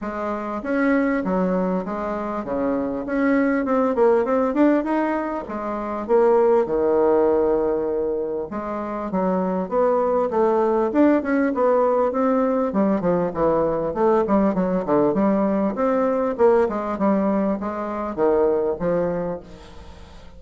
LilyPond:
\new Staff \with { instrumentName = "bassoon" } { \time 4/4 \tempo 4 = 99 gis4 cis'4 fis4 gis4 | cis4 cis'4 c'8 ais8 c'8 d'8 | dis'4 gis4 ais4 dis4~ | dis2 gis4 fis4 |
b4 a4 d'8 cis'8 b4 | c'4 g8 f8 e4 a8 g8 | fis8 d8 g4 c'4 ais8 gis8 | g4 gis4 dis4 f4 | }